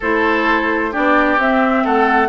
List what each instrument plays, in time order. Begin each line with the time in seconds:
0.00 bassoon A3, clarinet E4, oboe A4, flute C5
0.91 bassoon B3, clarinet D4, oboe G4, flute D5
1.37 bassoon C4, clarinet C4, flute E5
1.84 bassoon A3, oboe A4, flute F#5